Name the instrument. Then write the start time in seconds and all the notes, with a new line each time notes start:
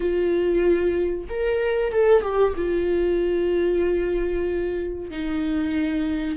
viola
0.00 F4
1.29 A#4
1.92 A4
2.22 G4
2.55 F4
5.10 D#4